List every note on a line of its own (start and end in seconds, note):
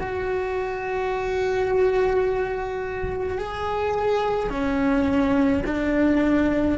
0.00 3.38 F#4
3.38 4.50 G#4
4.50 5.63 C#4
5.66 6.78 D4